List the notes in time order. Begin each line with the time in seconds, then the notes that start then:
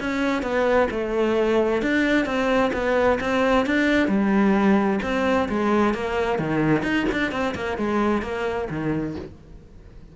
0.00 C#4
0.42 B3
0.91 A3
1.82 D4
2.26 C4
2.73 B3
3.21 C4
3.66 D4
4.08 G3
5.03 C4
5.49 G#3
5.94 A#3
6.39 D#3
6.83 D#4
7.12 D4
7.32 C4
7.55 A#3
7.78 G#3
8.22 A#3
8.70 D#3